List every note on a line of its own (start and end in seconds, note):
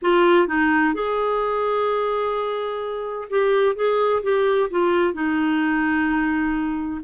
0.01 0.47 F4
0.47 0.94 D#4
0.94 3.28 G#4
3.30 3.75 G4
3.75 4.22 G#4
4.23 4.69 G4
4.70 5.13 F4
5.13 7.01 D#4